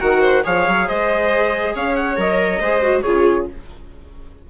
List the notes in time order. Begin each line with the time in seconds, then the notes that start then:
0.00 D#3 F#4 A#4 F#5
0.22 C5
0.44 F3 G#4 C#5 F5
0.68 F#3
0.87 G#3 C5 D#5
1.75 C#4 C#5 F5
1.96 F#5
2.17 F#3 A#4 D#5
2.60 G#3 G#4 C5
2.83 F#4
3.02 C#3 F4 G#4 C#5